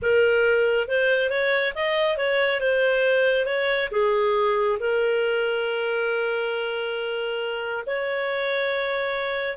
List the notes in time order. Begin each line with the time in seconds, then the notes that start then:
0.02 A#4
0.88 C5
1.29 C#5
1.75 D#5
2.17 C#5
2.60 C5
3.45 C#5
3.91 G#4
4.79 A#4
7.86 C#5